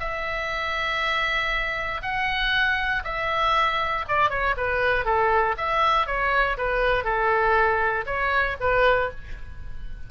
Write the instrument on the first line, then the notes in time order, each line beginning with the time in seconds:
oboe
0.00 E5
2.02 F#5
3.04 E5
4.08 D5
4.30 C#5
4.57 B4
5.05 A4
5.58 E5
6.06 C#5
6.58 B4
7.05 A4
8.06 C#5
8.60 B4